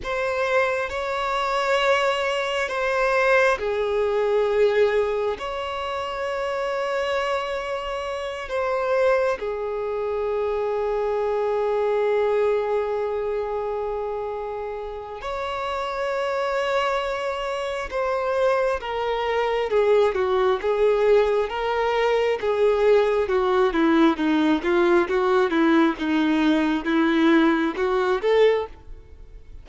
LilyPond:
\new Staff \with { instrumentName = "violin" } { \time 4/4 \tempo 4 = 67 c''4 cis''2 c''4 | gis'2 cis''2~ | cis''4. c''4 gis'4.~ | gis'1~ |
gis'4 cis''2. | c''4 ais'4 gis'8 fis'8 gis'4 | ais'4 gis'4 fis'8 e'8 dis'8 f'8 | fis'8 e'8 dis'4 e'4 fis'8 a'8 | }